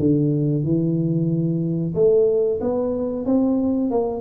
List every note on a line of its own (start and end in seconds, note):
0.00 0.64 D3
0.64 1.94 E3
1.95 2.60 A3
2.61 3.26 B3
3.26 3.91 C4
3.91 4.22 A#3